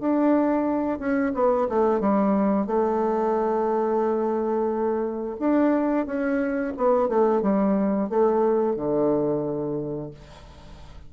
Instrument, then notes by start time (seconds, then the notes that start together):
bassoon
0.00 D4
0.99 C#4
1.34 B3
1.69 A3
2.00 G3
2.67 A3
5.39 D4
6.06 C#4
6.77 B3
7.09 A3
7.42 G3
8.10 A3
8.76 D3